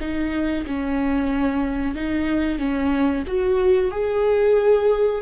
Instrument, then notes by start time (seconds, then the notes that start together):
viola
0.00 D#4
0.66 C#4
1.95 D#4
2.58 C#4
3.27 F#4
3.91 G#4